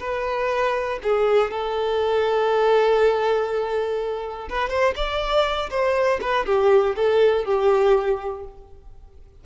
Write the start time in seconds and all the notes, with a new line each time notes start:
0.00 B4
1.03 G#4
1.51 A4
4.49 B4
4.70 C5
4.96 D5
5.70 C5
6.21 B4
6.46 G4
6.96 A4
7.45 G4